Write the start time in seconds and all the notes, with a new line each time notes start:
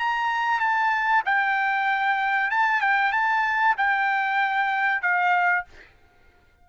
0.00 A#5
0.60 A5
1.26 G5
2.51 A5
2.81 G5
3.13 A5
3.78 G5
5.02 F5